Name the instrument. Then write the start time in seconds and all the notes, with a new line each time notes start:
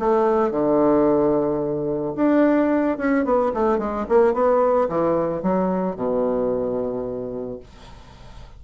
bassoon
0.00 A3
0.52 D3
2.16 D4
2.98 C#4
3.25 B3
3.55 A3
3.79 G#3
4.09 A#3
4.34 B3
4.89 E3
5.43 F#3
5.97 B2